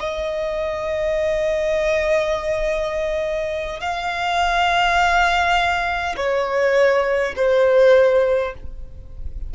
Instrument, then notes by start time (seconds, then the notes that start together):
violin
0.00 D#5
3.80 F5
6.17 C#5
7.36 C5